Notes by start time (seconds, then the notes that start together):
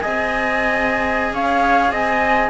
0.00 C4 G#4 D#5 G#5
1.33 C#4 C#5 F5
1.91 C4 D#5 G#5